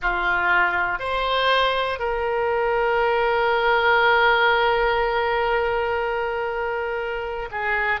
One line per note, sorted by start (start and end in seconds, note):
0.02 0.99 F4
0.99 1.99 C5
1.99 7.49 A#4
7.50 8.00 G#4